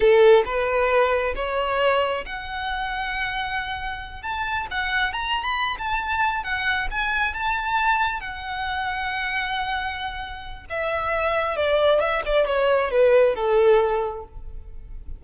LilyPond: \new Staff \with { instrumentName = "violin" } { \time 4/4 \tempo 4 = 135 a'4 b'2 cis''4~ | cis''4 fis''2.~ | fis''4. a''4 fis''4 ais''8~ | ais''16 b''8. a''4. fis''4 gis''8~ |
gis''8 a''2 fis''4.~ | fis''1 | e''2 d''4 e''8 d''8 | cis''4 b'4 a'2 | }